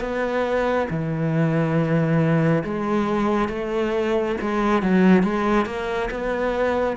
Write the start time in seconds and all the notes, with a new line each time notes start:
0.00 B3
0.89 E3
2.63 G#3
3.48 A3
4.40 G#3
4.82 F#3
5.23 G#3
5.66 A#3
6.10 B3